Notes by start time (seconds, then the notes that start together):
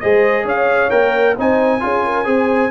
0.00 G#3 G#4 C5 D#5
0.44 C#4 C#5 F5
0.90 A#3 A#4 G5
1.36 C4 D#4 C5 G#5
1.80 C#4 F4 G#4
2.05 A#4
2.25 C4 G#4 C5